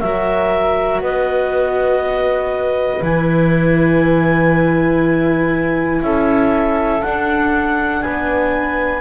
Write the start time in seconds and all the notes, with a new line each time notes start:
0.00 F#3 F#4 A#4 E5
1.01 B3 B4 D#5
3.01 E3 E4 G#5
6.02 C#4 A4 E5
7.02 D4 F#5
8.02 B3 B4 G#5